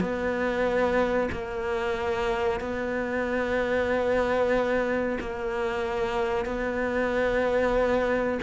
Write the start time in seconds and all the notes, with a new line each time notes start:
0.00 B3
1.32 A#3
2.60 B3
5.20 A#3
6.45 B3